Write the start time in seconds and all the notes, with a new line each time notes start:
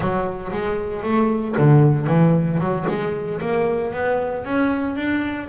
0.00 F#3
0.52 G#3
1.02 A3
1.57 D3
2.06 E3
2.59 F#3
2.88 G#3
3.40 A#3
3.93 B3
4.44 C#4
4.96 D4